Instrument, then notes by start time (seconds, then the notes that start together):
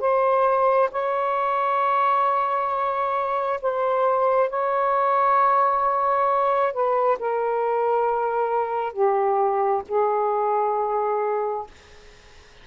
saxophone
0.00 C5
0.92 C#5
3.62 C5
4.50 C#5
6.74 B4
7.19 A#4
8.93 G4
9.88 G#4